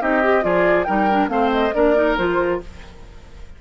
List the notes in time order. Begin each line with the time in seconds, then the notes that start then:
0.00 C4 D#4 G4 D#5
0.23 G4
0.42 F3 F4 G#4 D5
0.84 G3 D#4 A#4 G5
1.10 D4
1.28 A3 C4 C5 F5
1.52 D#5
1.74 A#3 D4 A#4 D5
1.95 D#4
2.17 F3 F4 C5